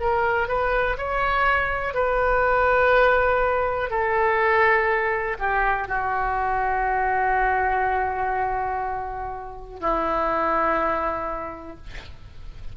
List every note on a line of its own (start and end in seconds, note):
0.00 0.48 A#4
0.48 0.97 B4
0.97 1.94 C#5
1.94 3.90 B4
3.90 5.37 A4
5.39 5.88 G4
5.88 9.80 F#4
9.80 11.77 E4